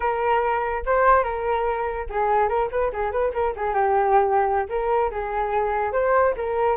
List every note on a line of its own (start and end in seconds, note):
0.00 0.83 A#4
0.85 1.23 C5
1.23 2.07 A#4
2.09 2.48 G#4
2.48 2.69 A#4
2.71 2.92 B4
2.92 3.11 G#4
3.11 3.32 B4
3.33 3.54 A#4
3.56 3.74 G#4
3.74 4.67 G4
4.69 5.11 A#4
5.11 5.92 G#4
5.92 6.34 C5
6.36 6.76 A#4